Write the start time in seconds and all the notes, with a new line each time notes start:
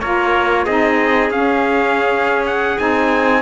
0.00 A#3 F4 A#4 C#5
0.65 C4 D#4 G#4 D#5
1.30 C#4 F5
2.46 F#5
2.78 C4 D#4 G#5